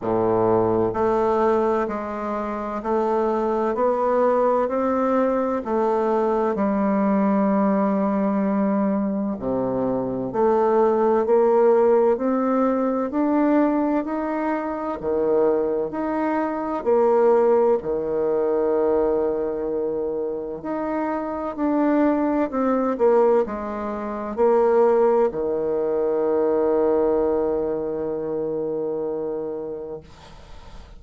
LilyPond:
\new Staff \with { instrumentName = "bassoon" } { \time 4/4 \tempo 4 = 64 a,4 a4 gis4 a4 | b4 c'4 a4 g4~ | g2 c4 a4 | ais4 c'4 d'4 dis'4 |
dis4 dis'4 ais4 dis4~ | dis2 dis'4 d'4 | c'8 ais8 gis4 ais4 dis4~ | dis1 | }